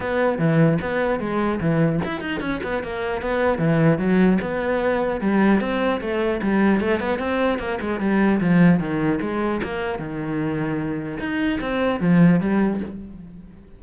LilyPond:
\new Staff \with { instrumentName = "cello" } { \time 4/4 \tempo 4 = 150 b4 e4 b4 gis4 | e4 e'8 dis'8 cis'8 b8 ais4 | b4 e4 fis4 b4~ | b4 g4 c'4 a4 |
g4 a8 b8 c'4 ais8 gis8 | g4 f4 dis4 gis4 | ais4 dis2. | dis'4 c'4 f4 g4 | }